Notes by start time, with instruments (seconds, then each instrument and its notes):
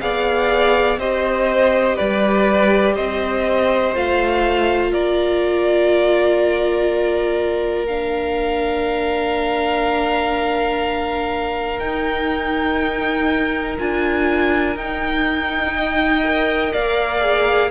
0.00 cello B3, viola G#4, violin D5 F5
0.98 cello C4, viola G4, violin C5 D#5
1.96 cello G3, violin B4 D5
2.95 cello C4, violin C5 D#5
3.94 cello A3, viola F4, violin F5
4.92 cello A#3, violin A#4 D5
7.86 viola D4, violin F5
11.79 viola D#4, cello D#4, violin G5
13.78 cello D4, viola F4, violin G#5
14.76 cello D#4, viola D#4, violin G5
15.76 violin D#5
16.24 viola A#4
16.72 cello A#3, violin D5 F5
17.21 viola G#4